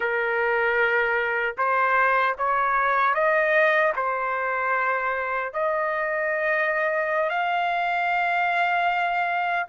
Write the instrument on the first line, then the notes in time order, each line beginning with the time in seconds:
trumpet
0.00 A#4
1.57 C5
2.38 C#5
3.14 D#5
3.95 C5
5.53 D#5
7.29 F5